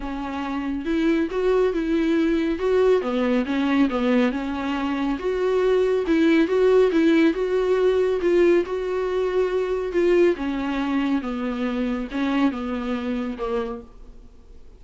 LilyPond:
\new Staff \with { instrumentName = "viola" } { \time 4/4 \tempo 4 = 139 cis'2 e'4 fis'4 | e'2 fis'4 b4 | cis'4 b4 cis'2 | fis'2 e'4 fis'4 |
e'4 fis'2 f'4 | fis'2. f'4 | cis'2 b2 | cis'4 b2 ais4 | }